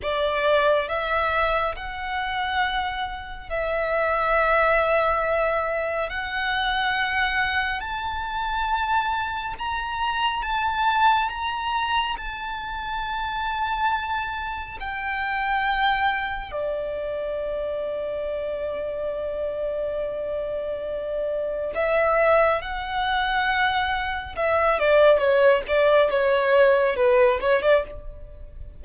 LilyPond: \new Staff \with { instrumentName = "violin" } { \time 4/4 \tempo 4 = 69 d''4 e''4 fis''2 | e''2. fis''4~ | fis''4 a''2 ais''4 | a''4 ais''4 a''2~ |
a''4 g''2 d''4~ | d''1~ | d''4 e''4 fis''2 | e''8 d''8 cis''8 d''8 cis''4 b'8 cis''16 d''16 | }